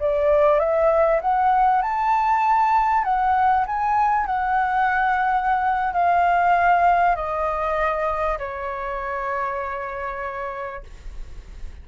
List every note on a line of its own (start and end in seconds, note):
0.00 0.60 D5
0.60 1.21 E5
1.21 1.82 F#5
1.82 3.04 A5
3.04 3.66 F#5
3.67 4.26 G#5
4.26 5.94 F#5
5.94 7.16 F5
7.16 8.38 D#5
8.38 10.83 C#5